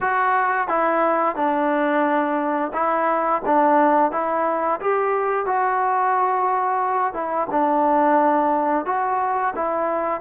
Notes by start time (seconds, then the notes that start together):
0.01 F#4
0.68 E4
1.35 D4
2.73 E4
3.45 D4
4.11 E4
4.80 G4
5.46 F#4
7.13 E4
7.50 D4
8.85 F#4
9.55 E4